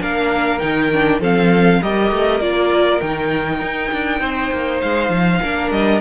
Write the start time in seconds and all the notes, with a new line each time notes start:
0.00 A#3 D4 A#4 F5
0.59 D#3 D#4 G5
0.93 D4
1.21 F3 C4 A4 F5
1.82 G3 G4 A#4 D#5
2.12 A3
2.41 A#3 F4 D5
3.01 D#3 D#4 G5
3.62 D#4
3.93 D4
4.21 C4 C5
4.52 A#3
4.81 G#3 F5
5.10 F3
5.42 A#3 D4 A#4
5.71 G3 D#5